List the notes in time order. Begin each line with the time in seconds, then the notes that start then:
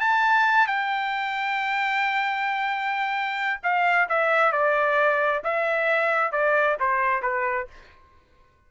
0.00 A5
0.67 G5
3.63 F5
4.09 E5
4.52 D5
5.44 E5
6.32 D5
6.80 C5
7.22 B4